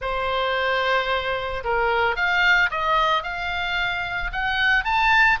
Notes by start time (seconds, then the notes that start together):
0.01 C5
1.64 A#4
2.16 F5
2.71 D#5
3.23 F5
4.32 F#5
4.84 A5